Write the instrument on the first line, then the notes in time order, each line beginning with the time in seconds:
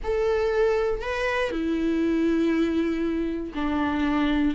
viola
0.03 A4
1.01 B4
1.51 E4
3.54 D4